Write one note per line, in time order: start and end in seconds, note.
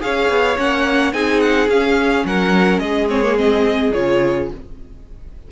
0.00 0.29 C#4
0.00 0.56 G#4
0.00 1.13 C#5
0.00 0.58 F5
0.29 0.57 B3
0.57 1.13 A#3
0.57 1.12 C#4
0.57 1.13 F#5
1.12 1.68 C4
1.12 1.69 D#4
1.12 2.25 G#4
1.12 1.40 G#5
1.40 1.68 F#5
1.68 2.24 C#4
1.68 3.09 C#4
1.68 2.26 F5
2.25 2.79 F#3
2.25 2.82 A#4
2.25 2.79 F#5
2.79 3.91 G#3
2.79 4.51 G#4
2.79 3.07 D#5
3.09 3.22 C4
3.09 3.38 C#5
3.22 3.36 A#3
3.36 3.92 C4
3.36 3.93 D#5
3.93 4.51 C#3
3.93 4.51 F4
3.93 4.49 C#5